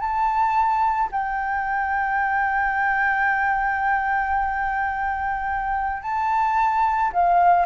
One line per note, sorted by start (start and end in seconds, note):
0.00 1.09 A5
1.12 6.02 G5
6.02 7.12 A5
7.13 7.65 F5